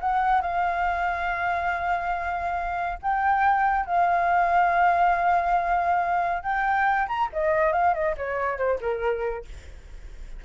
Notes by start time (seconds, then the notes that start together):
0.00 F#5
0.41 F5
3.02 G5
3.86 F5
6.42 G5
7.08 A#5
7.32 D#5
7.72 F5
7.93 D#5
8.17 C#5
8.57 C5
8.80 A#4